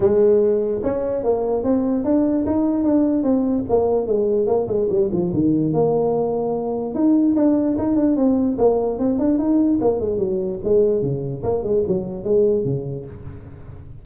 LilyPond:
\new Staff \with { instrumentName = "tuba" } { \time 4/4 \tempo 4 = 147 gis2 cis'4 ais4 | c'4 d'4 dis'4 d'4 | c'4 ais4 gis4 ais8 gis8 | g8 f8 dis4 ais2~ |
ais4 dis'4 d'4 dis'8 d'8 | c'4 ais4 c'8 d'8 dis'4 | ais8 gis8 fis4 gis4 cis4 | ais8 gis8 fis4 gis4 cis4 | }